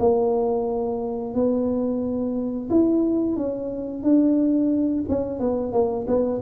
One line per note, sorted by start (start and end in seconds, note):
0.00 1.35 A#3
1.35 2.70 B3
2.70 3.37 E4
3.37 4.04 C#4
4.04 5.05 D4
5.09 5.40 C#4
5.40 5.73 B3
5.73 6.06 A#3
6.07 6.41 B3